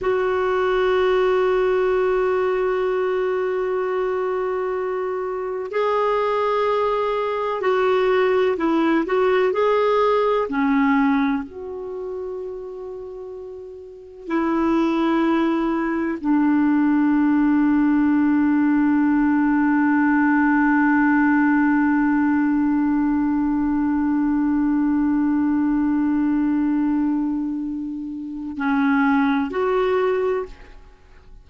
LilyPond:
\new Staff \with { instrumentName = "clarinet" } { \time 4/4 \tempo 4 = 63 fis'1~ | fis'2 gis'2 | fis'4 e'8 fis'8 gis'4 cis'4 | fis'2. e'4~ |
e'4 d'2.~ | d'1~ | d'1~ | d'2 cis'4 fis'4 | }